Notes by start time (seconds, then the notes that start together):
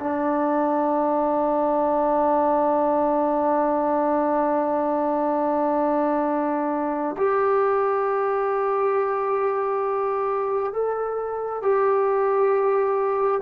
0.00 D4
7.18 G4
10.73 A4
11.63 G4